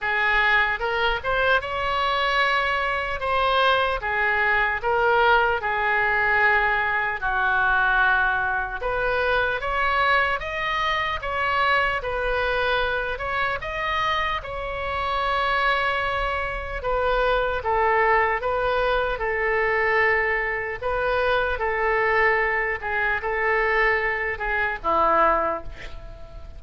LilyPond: \new Staff \with { instrumentName = "oboe" } { \time 4/4 \tempo 4 = 75 gis'4 ais'8 c''8 cis''2 | c''4 gis'4 ais'4 gis'4~ | gis'4 fis'2 b'4 | cis''4 dis''4 cis''4 b'4~ |
b'8 cis''8 dis''4 cis''2~ | cis''4 b'4 a'4 b'4 | a'2 b'4 a'4~ | a'8 gis'8 a'4. gis'8 e'4 | }